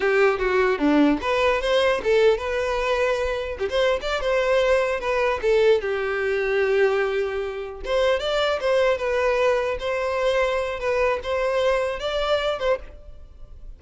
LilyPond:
\new Staff \with { instrumentName = "violin" } { \time 4/4 \tempo 4 = 150 g'4 fis'4 d'4 b'4 | c''4 a'4 b'2~ | b'4 g'16 c''8. d''8 c''4.~ | c''8 b'4 a'4 g'4.~ |
g'2.~ g'8 c''8~ | c''8 d''4 c''4 b'4.~ | b'8 c''2~ c''8 b'4 | c''2 d''4. c''8 | }